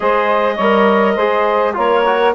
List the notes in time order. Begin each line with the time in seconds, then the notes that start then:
0.00 G#3 G#4 C5 D#5
0.55 G3 A#4 C#5
1.15 G#3 G#4 C5
1.73 A#3 F4 A#4 C#5
2.05 F#4